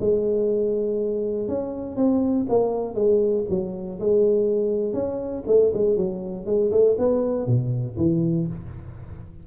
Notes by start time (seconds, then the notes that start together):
0.00 G#3
1.48 C#4
1.96 C4
2.49 A#3
2.95 G#3
3.49 F#3
4.00 G#3
4.93 C#4
5.47 A3
5.74 G#3
5.96 F#3
6.46 G#3
6.71 A3
6.98 B3
7.47 B2
7.97 E3